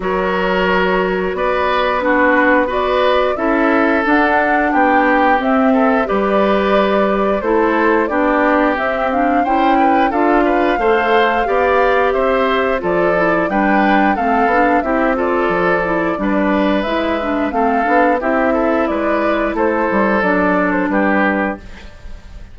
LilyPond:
<<
  \new Staff \with { instrumentName = "flute" } { \time 4/4 \tempo 4 = 89 cis''2 d''4 b'4 | d''4 e''4 fis''4 g''4 | e''4 d''2 c''4 | d''4 e''8 f''8 g''4 f''4~ |
f''2 e''4 d''4 | g''4 f''4 e''8 d''4.~ | d''4 e''4 f''4 e''4 | d''4 c''4 d''8. c''16 b'4 | }
  \new Staff \with { instrumentName = "oboe" } { \time 4/4 ais'2 b'4 fis'4 | b'4 a'2 g'4~ | g'8 a'8 b'2 a'4 | g'2 c''8 b'8 a'8 b'8 |
c''4 d''4 c''4 a'4 | b'4 a'4 g'8 a'4. | b'2 a'4 g'8 a'8 | b'4 a'2 g'4 | }
  \new Staff \with { instrumentName = "clarinet" } { \time 4/4 fis'2. d'4 | fis'4 e'4 d'2 | c'4 g'2 e'4 | d'4 c'8 d'8 e'4 f'4 |
a'4 g'2 f'8 e'8 | d'4 c'8 d'8 e'8 f'4 e'8 | d'4 e'8 d'8 c'8 d'8 e'4~ | e'2 d'2 | }
  \new Staff \with { instrumentName = "bassoon" } { \time 4/4 fis2 b2~ | b4 cis'4 d'4 b4 | c'4 g2 a4 | b4 c'4 cis'4 d'4 |
a4 b4 c'4 f4 | g4 a8 b8 c'4 f4 | g4 gis4 a8 b8 c'4 | gis4 a8 g8 fis4 g4 | }
>>